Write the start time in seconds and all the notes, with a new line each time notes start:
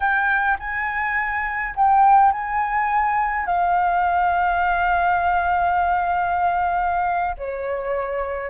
0.00 G5
0.59 G#5
1.75 G5
2.32 G#5
3.46 F5
7.37 C#5